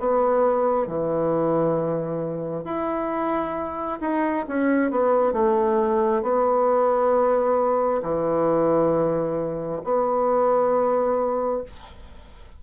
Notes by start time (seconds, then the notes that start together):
0.00 B3
0.88 E3
2.65 E4
4.01 D#4
4.48 C#4
4.91 B3
5.33 A3
6.22 B3
8.02 E3
9.84 B3